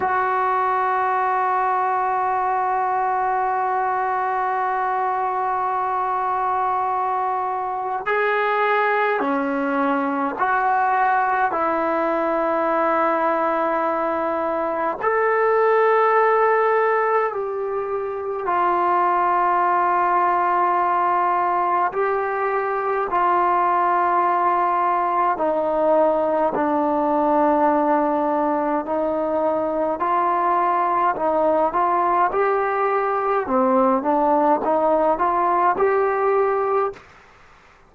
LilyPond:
\new Staff \with { instrumentName = "trombone" } { \time 4/4 \tempo 4 = 52 fis'1~ | fis'2. gis'4 | cis'4 fis'4 e'2~ | e'4 a'2 g'4 |
f'2. g'4 | f'2 dis'4 d'4~ | d'4 dis'4 f'4 dis'8 f'8 | g'4 c'8 d'8 dis'8 f'8 g'4 | }